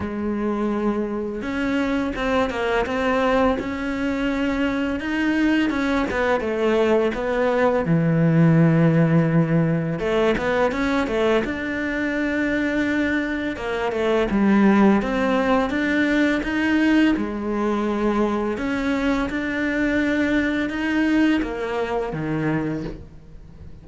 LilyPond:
\new Staff \with { instrumentName = "cello" } { \time 4/4 \tempo 4 = 84 gis2 cis'4 c'8 ais8 | c'4 cis'2 dis'4 | cis'8 b8 a4 b4 e4~ | e2 a8 b8 cis'8 a8 |
d'2. ais8 a8 | g4 c'4 d'4 dis'4 | gis2 cis'4 d'4~ | d'4 dis'4 ais4 dis4 | }